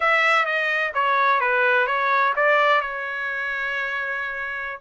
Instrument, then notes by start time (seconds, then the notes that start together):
trumpet
0.00 E5
0.45 D#5
0.94 C#5
1.40 B4
1.86 C#5
2.36 D5
2.81 C#5